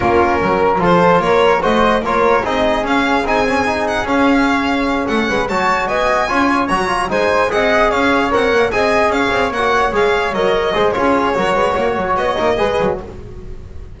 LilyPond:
<<
  \new Staff \with { instrumentName = "violin" } { \time 4/4 \tempo 4 = 148 ais'2 c''4 cis''4 | dis''4 cis''4 dis''4 f''4 | gis''4. fis''8 f''2~ | f''8 fis''4 a''4 gis''4.~ |
gis''8 ais''4 gis''4 fis''4 f''8~ | f''8 fis''4 gis''4 f''4 fis''8~ | fis''8 f''4 dis''4. cis''4~ | cis''2 dis''2 | }
  \new Staff \with { instrumentName = "flute" } { \time 4/4 f'4 ais'4 a'4 ais'4 | c''4 ais'4 gis'2~ | gis'1~ | gis'8 a'8 b'8 cis''4 dis''4 cis''8~ |
cis''4. c''4 dis''4 cis''8~ | cis''4. dis''4 cis''4.~ | cis''2~ cis''8 c''8 gis'4 | ais'8 b'8 cis''2 b'4 | }
  \new Staff \with { instrumentName = "trombone" } { \time 4/4 cis'2 f'2 | fis'4 f'4 dis'4 cis'4 | dis'8 cis'8 dis'4 cis'2~ | cis'4. fis'2 f'8~ |
f'8 fis'8 f'8 dis'4 gis'4.~ | gis'8 ais'4 gis'2 fis'8~ | fis'8 gis'4 ais'4 gis'8 f'4 | fis'2~ fis'8 dis'8 gis'4 | }
  \new Staff \with { instrumentName = "double bass" } { \time 4/4 ais4 fis4 f4 ais4 | a4 ais4 c'4 cis'4 | c'2 cis'2~ | cis'8 a8 gis8 fis4 b4 cis'8~ |
cis'8 fis4 gis4 c'4 cis'8~ | cis'8 c'8 ais8 c'4 cis'8 c'8 ais8~ | ais8 gis4 fis4 gis8 cis'4 | fis8 gis8 ais8 fis8 b8 ais8 gis8 fis8 | }
>>